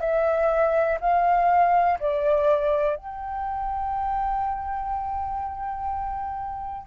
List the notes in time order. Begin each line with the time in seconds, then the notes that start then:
0.00 E5
1.01 F5
1.99 D5
2.96 G5